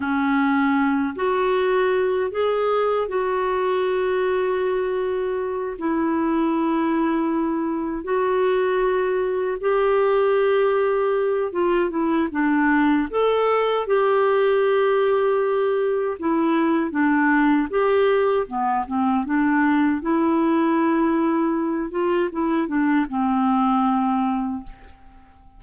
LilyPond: \new Staff \with { instrumentName = "clarinet" } { \time 4/4 \tempo 4 = 78 cis'4. fis'4. gis'4 | fis'2.~ fis'8 e'8~ | e'2~ e'8 fis'4.~ | fis'8 g'2~ g'8 f'8 e'8 |
d'4 a'4 g'2~ | g'4 e'4 d'4 g'4 | b8 c'8 d'4 e'2~ | e'8 f'8 e'8 d'8 c'2 | }